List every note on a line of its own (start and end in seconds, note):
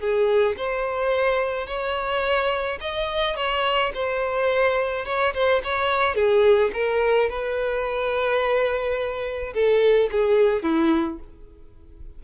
0.00 0.56 G#4
0.57 1.67 C5
1.67 2.79 C#5
2.81 3.36 D#5
3.36 3.93 C#5
3.94 5.06 C5
5.06 5.34 C#5
5.34 5.62 C5
5.64 6.15 C#5
6.15 6.71 G#4
6.74 7.29 A#4
7.29 9.54 B4
9.54 10.10 A4
10.12 10.63 G#4
10.63 11.19 E4